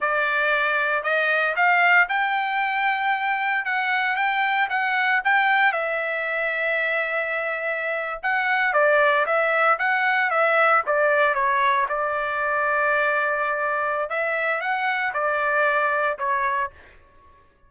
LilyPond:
\new Staff \with { instrumentName = "trumpet" } { \time 4/4 \tempo 4 = 115 d''2 dis''4 f''4 | g''2. fis''4 | g''4 fis''4 g''4 e''4~ | e''2.~ e''8. fis''16~ |
fis''8. d''4 e''4 fis''4 e''16~ | e''8. d''4 cis''4 d''4~ d''16~ | d''2. e''4 | fis''4 d''2 cis''4 | }